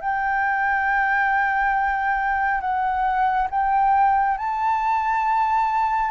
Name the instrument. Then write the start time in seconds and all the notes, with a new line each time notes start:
flute
0.00 G5
2.60 F#5
3.50 G5
4.37 A5